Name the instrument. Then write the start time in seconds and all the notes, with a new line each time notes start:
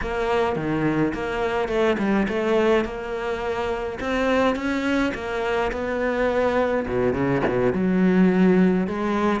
cello
0.01 A#3
0.56 D#3
1.14 A#3
1.68 A3
1.98 G3
2.28 A3
2.84 A#3
4.00 C4
4.55 C#4
5.14 A#3
5.72 B3
6.88 B2
7.13 C#3
7.47 B2
7.72 F#3
8.87 G#3